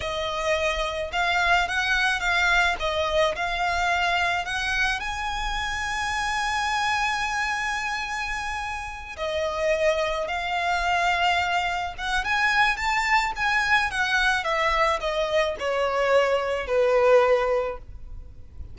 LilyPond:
\new Staff \with { instrumentName = "violin" } { \time 4/4 \tempo 4 = 108 dis''2 f''4 fis''4 | f''4 dis''4 f''2 | fis''4 gis''2.~ | gis''1~ |
gis''8 dis''2 f''4.~ | f''4. fis''8 gis''4 a''4 | gis''4 fis''4 e''4 dis''4 | cis''2 b'2 | }